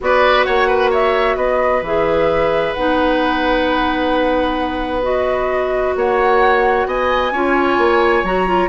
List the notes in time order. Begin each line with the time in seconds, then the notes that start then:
0.00 B3 F#4 B4 D5
0.44 A#3 C#5 F#5
0.67 B4
0.90 C#5 E5
1.36 B3 B4 D#5
1.81 E3 G#4 E5
2.73 B3 D#4 F#5
5.02 F#4 D#5
5.95 A#3 C#5 F#5
6.85 B3 D#5 G#5
7.31 C#4 F4 C#5
7.78 A#3
8.23 F#3 F#4 A#5
8.47 F4